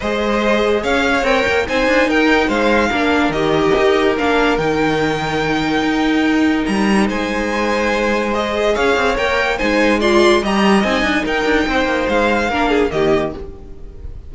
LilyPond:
<<
  \new Staff \with { instrumentName = "violin" } { \time 4/4 \tempo 4 = 144 dis''2 f''4 g''4 | gis''4 g''4 f''2 | dis''2 f''4 g''4~ | g''1 |
ais''4 gis''2. | dis''4 f''4 g''4 gis''4 | c'''4 ais''4 gis''4 g''4~ | g''4 f''2 dis''4 | }
  \new Staff \with { instrumentName = "violin" } { \time 4/4 c''2 cis''2 | c''4 ais'4 c''4 ais'4~ | ais'1~ | ais'1~ |
ais'4 c''2.~ | c''4 cis''2 c''4 | d''4 dis''2 ais'4 | c''2 ais'8 gis'8 g'4 | }
  \new Staff \with { instrumentName = "viola" } { \time 4/4 gis'2. ais'4 | dis'2. d'4 | g'2 d'4 dis'4~ | dis'1~ |
dis'1 | gis'2 ais'4 dis'4 | f'4 g'4 dis'2~ | dis'2 d'4 ais4 | }
  \new Staff \with { instrumentName = "cello" } { \time 4/4 gis2 cis'4 c'8 ais8 | c'8 d'8 dis'4 gis4 ais4 | dis4 dis'4 ais4 dis4~ | dis2 dis'2 |
g4 gis2.~ | gis4 cis'8 c'8 ais4 gis4~ | gis4 g4 c'8 d'8 dis'8 d'8 | c'8 ais8 gis4 ais4 dis4 | }
>>